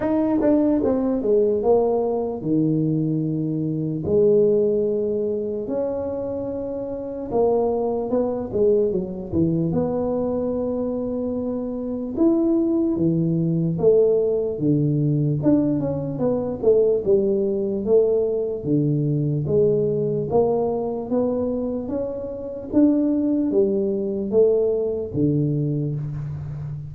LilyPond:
\new Staff \with { instrumentName = "tuba" } { \time 4/4 \tempo 4 = 74 dis'8 d'8 c'8 gis8 ais4 dis4~ | dis4 gis2 cis'4~ | cis'4 ais4 b8 gis8 fis8 e8 | b2. e'4 |
e4 a4 d4 d'8 cis'8 | b8 a8 g4 a4 d4 | gis4 ais4 b4 cis'4 | d'4 g4 a4 d4 | }